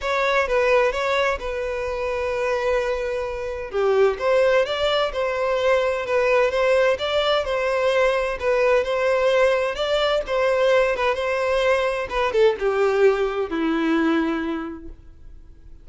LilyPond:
\new Staff \with { instrumentName = "violin" } { \time 4/4 \tempo 4 = 129 cis''4 b'4 cis''4 b'4~ | b'1 | g'4 c''4 d''4 c''4~ | c''4 b'4 c''4 d''4 |
c''2 b'4 c''4~ | c''4 d''4 c''4. b'8 | c''2 b'8 a'8 g'4~ | g'4 e'2. | }